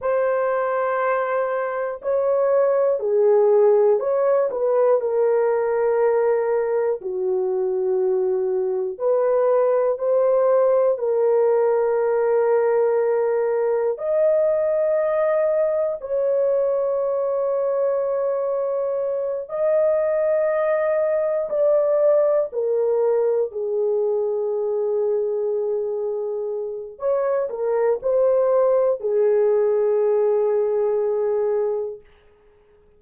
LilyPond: \new Staff \with { instrumentName = "horn" } { \time 4/4 \tempo 4 = 60 c''2 cis''4 gis'4 | cis''8 b'8 ais'2 fis'4~ | fis'4 b'4 c''4 ais'4~ | ais'2 dis''2 |
cis''2.~ cis''8 dis''8~ | dis''4. d''4 ais'4 gis'8~ | gis'2. cis''8 ais'8 | c''4 gis'2. | }